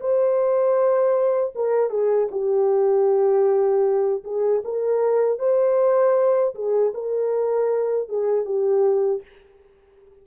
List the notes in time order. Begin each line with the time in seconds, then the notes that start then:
0.00 C5
1.55 A#4
1.90 G#4
2.31 G4
4.24 G#4
4.65 A#4
5.39 C5
6.55 G#4
6.94 A#4
8.09 G#4
8.45 G4